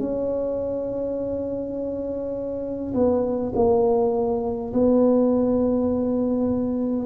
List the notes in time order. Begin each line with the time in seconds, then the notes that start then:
0.00 C#4
2.95 B3
3.56 A#3
4.74 B3